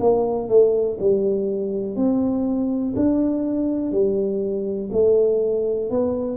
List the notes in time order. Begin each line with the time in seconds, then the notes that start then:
0.00 A#3
0.48 A3
1.00 G3
1.96 C4
2.96 D4
3.92 G3
4.92 A3
5.90 B3